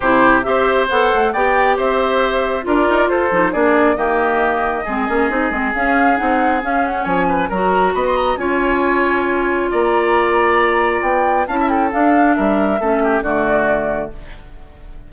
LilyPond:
<<
  \new Staff \with { instrumentName = "flute" } { \time 4/4 \tempo 4 = 136 c''4 e''4 fis''4 g''4 | e''2 d''4 c''4 | d''4 dis''2.~ | dis''4 f''4 fis''4 f''8 fis''8 |
gis''4 ais''4 b''16 c'''16 ais''8 gis''4~ | gis''2 ais''2~ | ais''4 g''4 a''8 g''8 f''4 | e''2 d''2 | }
  \new Staff \with { instrumentName = "oboe" } { \time 4/4 g'4 c''2 d''4 | c''2 ais'4 a'4 | gis'4 g'2 gis'4~ | gis'1 |
cis''8 b'8 ais'4 dis''4 cis''4~ | cis''2 d''2~ | d''2 f''16 e''16 a'4. | ais'4 a'8 g'8 fis'2 | }
  \new Staff \with { instrumentName = "clarinet" } { \time 4/4 e'4 g'4 a'4 g'4~ | g'2 f'4. dis'8 | d'4 ais2 c'8 cis'8 | dis'8 c'8 cis'4 dis'4 cis'4~ |
cis'4 fis'2 f'4~ | f'1~ | f'2 e'4 d'4~ | d'4 cis'4 a2 | }
  \new Staff \with { instrumentName = "bassoon" } { \time 4/4 c4 c'4 b8 a8 b4 | c'2 d'8 dis'8 f'8 f8 | ais4 dis2 gis8 ais8 | c'8 gis8 cis'4 c'4 cis'4 |
f4 fis4 b4 cis'4~ | cis'2 ais2~ | ais4 b4 cis'4 d'4 | g4 a4 d2 | }
>>